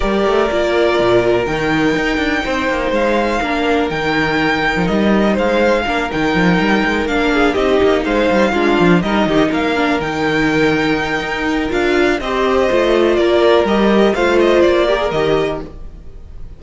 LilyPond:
<<
  \new Staff \with { instrumentName = "violin" } { \time 4/4 \tempo 4 = 123 d''2. g''4~ | g''2 f''2 | g''2 dis''4 f''4~ | f''8 g''2 f''4 dis''8~ |
dis''8 f''2 dis''4 f''8~ | f''8 g''2.~ g''8 | f''4 dis''2 d''4 | dis''4 f''8 dis''8 d''4 dis''4 | }
  \new Staff \with { instrumentName = "violin" } { \time 4/4 ais'1~ | ais'4 c''2 ais'4~ | ais'2. c''4 | ais'2. gis'8 g'8~ |
g'8 c''4 f'4 ais'8 g'8 ais'8~ | ais'1~ | ais'4 c''2 ais'4~ | ais'4 c''4. ais'4. | }
  \new Staff \with { instrumentName = "viola" } { \time 4/4 g'4 f'2 dis'4~ | dis'2. d'4 | dis'1 | d'8 dis'2 d'4 dis'8~ |
dis'4. d'4 dis'4. | d'8 dis'2.~ dis'8 | f'4 g'4 f'2 | g'4 f'4. g'16 gis'16 g'4 | }
  \new Staff \with { instrumentName = "cello" } { \time 4/4 g8 a8 ais4 ais,4 dis4 | dis'8 d'8 c'8 ais8 gis4 ais4 | dis4.~ dis16 f16 g4 gis4 | ais8 dis8 f8 g8 gis8 ais4 c'8 |
ais8 gis8 g8 gis8 f8 g8 dis8 ais8~ | ais8 dis2~ dis8 dis'4 | d'4 c'4 a4 ais4 | g4 a4 ais4 dis4 | }
>>